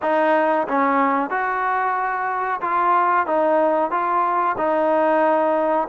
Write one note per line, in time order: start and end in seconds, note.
0.02 0.67 D#4
0.68 1.30 C#4
1.30 2.60 F#4
2.61 3.26 F4
3.26 3.90 D#4
3.90 4.55 F4
4.57 5.88 D#4